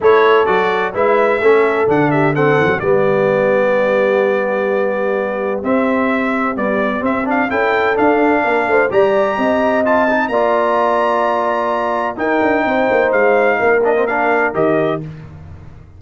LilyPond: <<
  \new Staff \with { instrumentName = "trumpet" } { \time 4/4 \tempo 4 = 128 cis''4 d''4 e''2 | fis''8 e''8 fis''4 d''2~ | d''1 | e''2 d''4 e''8 f''8 |
g''4 f''2 ais''4~ | ais''4 a''4 ais''2~ | ais''2 g''2 | f''4. dis''8 f''4 dis''4 | }
  \new Staff \with { instrumentName = "horn" } { \time 4/4 a'2 b'4 a'4~ | a'8 g'8 a'4 g'2~ | g'1~ | g'1 |
a'2 ais'8 c''8 d''4 | dis''2 d''2~ | d''2 ais'4 c''4~ | c''4 ais'2. | }
  \new Staff \with { instrumentName = "trombone" } { \time 4/4 e'4 fis'4 e'4 cis'4 | d'4 c'4 b2~ | b1 | c'2 g4 c'8 d'8 |
e'4 d'2 g'4~ | g'4 f'8 dis'8 f'2~ | f'2 dis'2~ | dis'4. d'16 c'16 d'4 g'4 | }
  \new Staff \with { instrumentName = "tuba" } { \time 4/4 a4 fis4 gis4 a4 | d4. e16 fis16 g2~ | g1 | c'2 b4 c'4 |
cis'4 d'4 ais8 a8 g4 | c'2 ais2~ | ais2 dis'8 d'8 c'8 ais8 | gis4 ais2 dis4 | }
>>